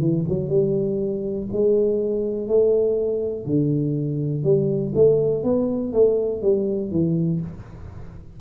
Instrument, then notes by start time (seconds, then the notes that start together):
tuba
0.00 E3
0.29 F#3
0.49 G3
1.53 G#3
2.48 A3
3.46 D3
4.44 G3
4.95 A3
5.44 B3
5.93 A3
6.42 G3
6.92 E3